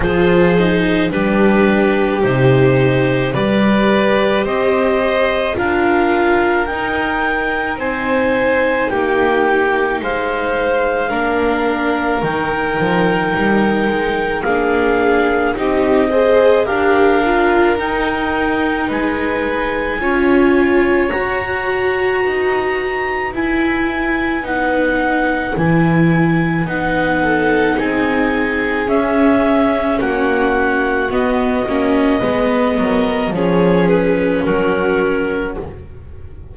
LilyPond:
<<
  \new Staff \with { instrumentName = "clarinet" } { \time 4/4 \tempo 4 = 54 c''4 b'4 c''4 d''4 | dis''4 f''4 g''4 gis''4 | g''4 f''2 g''4~ | g''4 f''4 dis''4 f''4 |
g''4 gis''2 ais''4~ | ais''4 gis''4 fis''4 gis''4 | fis''4 gis''4 e''4 fis''4 | dis''2 cis''8 b'8 ais'4 | }
  \new Staff \with { instrumentName = "violin" } { \time 4/4 gis'4 g'2 b'4 | c''4 ais'2 c''4 | g'4 c''4 ais'2~ | ais'4 gis'4 g'8 c''8 ais'4~ |
ais'4 b'4 cis''2 | b'1~ | b'8 a'8 gis'2 fis'4~ | fis'4 b'8 ais'8 gis'4 fis'4 | }
  \new Staff \with { instrumentName = "viola" } { \time 4/4 f'8 dis'8 d'4 dis'4 g'4~ | g'4 f'4 dis'2~ | dis'2 d'4 dis'4~ | dis'4 d'4 dis'8 gis'8 g'8 f'8 |
dis'2 f'4 fis'4~ | fis'4 e'4 dis'4 e'4 | dis'2 cis'2 | b8 cis'8 b4 cis'2 | }
  \new Staff \with { instrumentName = "double bass" } { \time 4/4 f4 g4 c4 g4 | c'4 d'4 dis'4 c'4 | ais4 gis4 ais4 dis8 f8 | g8 gis8 ais4 c'4 d'4 |
dis'4 gis4 cis'4 fis'4 | dis'4 e'4 b4 e4 | b4 c'4 cis'4 ais4 | b8 ais8 gis8 fis8 f4 fis4 | }
>>